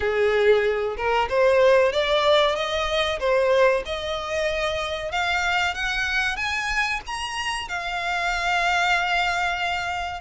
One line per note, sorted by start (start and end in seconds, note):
0.00 0.96 G#4
0.96 1.28 A#4
1.29 1.92 C5
1.92 2.55 D5
2.55 3.19 D#5
3.19 3.83 C5
3.85 5.11 D#5
5.11 5.74 F5
5.74 6.36 F#5
6.36 7.00 G#5
7.06 7.68 A#5
7.68 10.20 F5